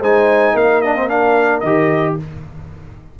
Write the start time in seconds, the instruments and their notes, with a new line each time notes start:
0.00 tuba G#3, trombone D#4, horn C5, trumpet G#5
0.54 tuba A#3, horn A#4, trumpet F5
0.82 trombone D4, trumpet D#5
0.96 trombone C4
1.09 trombone D4, trumpet F5
1.60 tuba D#3, trombone G4, trumpet D#5